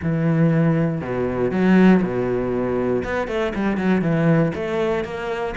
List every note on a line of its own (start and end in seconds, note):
0.02 1.01 E3
1.01 1.51 B2
1.51 2.01 F#3
2.02 3.03 B2
3.04 3.27 B3
3.27 3.52 A3
3.55 3.77 G3
3.77 4.01 F#3
4.01 4.52 E3
4.54 5.04 A3
5.04 5.54 A#3